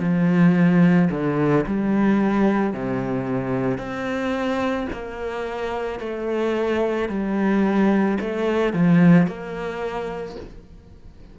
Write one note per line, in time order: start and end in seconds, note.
0.00 1.09 F3
1.11 1.66 D3
1.67 2.74 G3
2.74 3.78 C3
3.78 4.87 C4
4.93 6.00 A#3
6.00 7.09 A3
7.10 8.19 G3
8.21 8.74 A3
8.74 9.28 F3
9.28 10.37 A#3